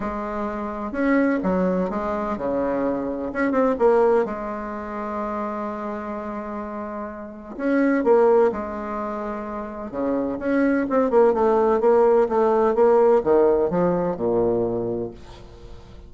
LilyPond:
\new Staff \with { instrumentName = "bassoon" } { \time 4/4 \tempo 4 = 127 gis2 cis'4 fis4 | gis4 cis2 cis'8 c'8 | ais4 gis2.~ | gis1 |
cis'4 ais4 gis2~ | gis4 cis4 cis'4 c'8 ais8 | a4 ais4 a4 ais4 | dis4 f4 ais,2 | }